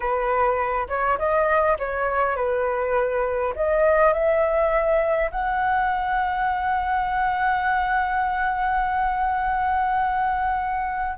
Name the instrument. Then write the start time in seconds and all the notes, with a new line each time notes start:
flute
0.00 B4
0.88 C#5
1.18 D#5
1.78 C#5
2.36 B4
3.55 D#5
4.13 E5
5.31 F#5